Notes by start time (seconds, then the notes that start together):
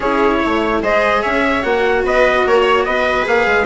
0.00 C#4 E4 G#4 C#5
0.40 A3 C#5
0.82 G#3 G#4 C5 D#5
1.22 C#4 C#5 E5
1.62 A#3 F#4 F#5
2.04 B3 B4 D#5
2.45 A#3 A#4 C#5
2.62 C#5
2.85 B3 B4 D#5
3.22 A#3 G#4 F5
3.46 G#3